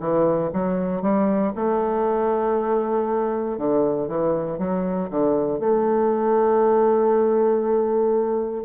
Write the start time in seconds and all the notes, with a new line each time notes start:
0.00 E3
0.54 F#3
1.02 G3
1.56 A3
3.58 D3
4.09 E3
4.59 F#3
5.11 D3
5.60 A3